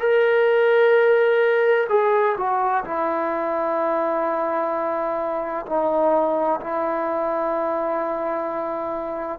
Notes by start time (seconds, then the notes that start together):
0.00 A#4
1.90 G#4
2.37 F#4
2.85 E4
5.66 D#4
6.61 E4